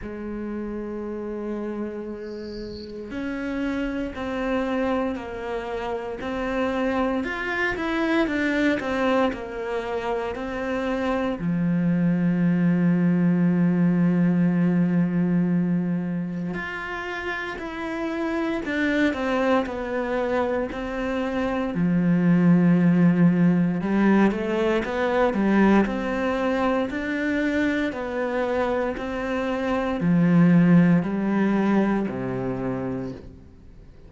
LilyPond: \new Staff \with { instrumentName = "cello" } { \time 4/4 \tempo 4 = 58 gis2. cis'4 | c'4 ais4 c'4 f'8 e'8 | d'8 c'8 ais4 c'4 f4~ | f1 |
f'4 e'4 d'8 c'8 b4 | c'4 f2 g8 a8 | b8 g8 c'4 d'4 b4 | c'4 f4 g4 c4 | }